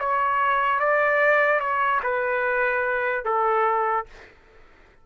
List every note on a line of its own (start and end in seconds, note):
0.00 0.80 C#5
0.80 1.60 D5
1.60 2.01 C#5
2.04 3.25 B4
3.25 4.06 A4